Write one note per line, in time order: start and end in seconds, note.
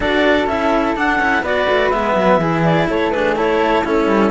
0.00 0.46 D4
0.00 0.48 F#4
0.00 1.42 A4
0.00 0.47 D5
0.46 0.94 C#4
0.46 0.96 E4
0.46 0.95 E5
0.96 1.18 D4
0.96 1.20 D4
0.96 1.45 F#5
1.18 1.42 C#4
1.18 1.45 E4
1.42 1.66 B3
1.42 1.93 F#4
1.42 2.38 B4
1.42 1.89 D5
1.69 1.92 A3
1.89 2.15 G#3
1.89 2.41 B3
1.89 2.61 E5
2.15 2.37 F#3
2.37 2.85 E3
2.37 3.13 E4
2.37 2.87 G#4
2.64 2.88 D5
2.88 4.06 A3
2.88 3.13 A4
2.88 3.11 C#5
3.11 3.36 D4
3.11 3.37 G#4
3.11 3.35 B4
3.36 3.84 E4
3.36 3.84 A4
3.36 3.85 C#5
3.84 4.30 C#4
3.84 4.30 E4
3.84 4.30 A4
4.06 4.30 G3